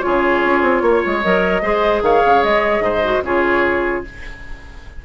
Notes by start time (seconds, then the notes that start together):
0.00 C#3 F4 G#4 C#5
0.45 C#4
0.63 C4
0.82 A#3 C#5
1.06 G#3
1.22 F#3 A#4 D#5
1.62 G#3 G#4 C5
2.02 D#3 C#5 F5
2.26 C#3
2.44 G#3 D#5
2.80 G#2 C5
3.03 F#4
3.23 C#3 F4 G#4 C#5